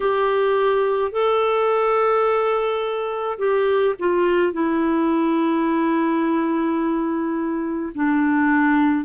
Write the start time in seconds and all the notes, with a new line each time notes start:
0.00 G4
1.11 A4
3.38 G4
3.99 F4
4.53 E4
7.95 D4